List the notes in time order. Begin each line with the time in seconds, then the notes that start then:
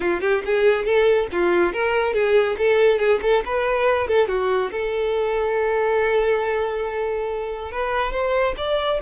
0.00 F4
0.20 G4
0.45 G#4
0.84 A4
1.31 F4
1.72 A#4
2.13 G#4
2.58 A4
2.98 G#4
3.22 A4
3.45 B4
4.07 A4
4.28 F#4
4.71 A4
7.71 B4
8.12 C5
8.57 D5